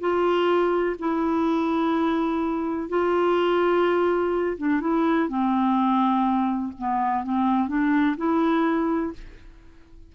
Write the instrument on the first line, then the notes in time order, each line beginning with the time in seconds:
clarinet
0.00 F4
0.99 E4
2.89 F4
4.57 D4
4.80 E4
5.28 C4
6.78 B3
7.24 C4
7.68 D4
8.17 E4